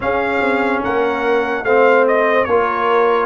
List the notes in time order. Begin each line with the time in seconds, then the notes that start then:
0.00 C#4 G#4 F5
0.40 C4
0.82 A#3 A#4 F#5
1.63 A3 C4 C5 F5
2.07 D#5
2.44 A#3 F4 A#4 C#5